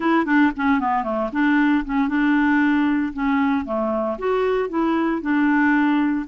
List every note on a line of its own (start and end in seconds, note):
0.00 0.25 E4
0.25 0.51 D4
0.56 0.80 C#4
0.80 1.03 B3
1.03 1.29 A3
1.32 1.84 D4
1.85 2.08 C#4
2.08 3.13 D4
3.13 3.65 C#4
3.65 4.17 A3
4.18 4.69 F#4
4.69 5.21 E4
5.21 6.26 D4